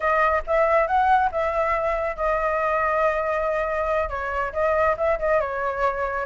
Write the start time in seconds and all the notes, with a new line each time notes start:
0.00 D#5
0.46 E5
0.87 F#5
1.31 E5
2.16 D#5
4.09 C#5
4.52 D#5
4.97 E5
5.19 D#5
5.40 C#5